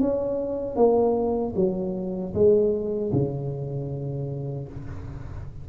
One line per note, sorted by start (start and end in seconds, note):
0.00 0.76 C#4
0.76 1.54 A#3
1.55 2.33 F#3
2.33 3.11 G#3
3.12 4.68 C#3